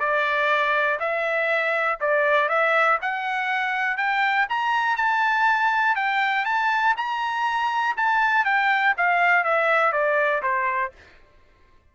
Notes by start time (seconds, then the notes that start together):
0.00 D5
1.00 E5
2.01 D5
2.49 E5
3.02 F#5
3.98 G5
4.49 A#5
4.97 A5
5.96 G5
6.46 A5
6.97 A#5
7.97 A5
8.45 G5
8.98 F5
9.44 E5
9.93 D5
10.43 C5